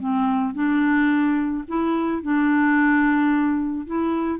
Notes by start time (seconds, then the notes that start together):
0.00 C4
0.54 D4
1.68 E4
2.22 D4
3.87 E4